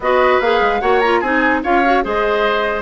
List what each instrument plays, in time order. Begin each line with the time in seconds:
0.00 bassoon B3, clarinet F#4, oboe B4, flute D#5
0.40 bassoon A#3, clarinet G#4, flute F5
0.60 bassoon G#3
0.80 bassoon A#3, clarinet F#4, oboe C#5, flute F#5
1.00 clarinet F4, flute A#5
1.20 bassoon C4, clarinet D#4, oboe G#4, flute G#5
1.63 bassoon C#4, clarinet F4, oboe C#5, flute F5
1.84 clarinet F#4
2.03 bassoon G#3, clarinet G#4, oboe C5, flute D#5